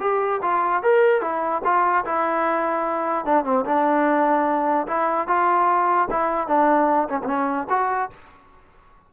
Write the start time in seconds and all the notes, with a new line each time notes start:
0.00 G4
0.42 F4
0.83 A#4
1.21 E4
1.64 F4
2.05 E4
3.25 D4
3.44 C4
3.65 D4
4.87 E4
5.27 F4
6.10 E4
6.47 D4
7.09 C#4
7.23 B3 C#4
7.70 F#4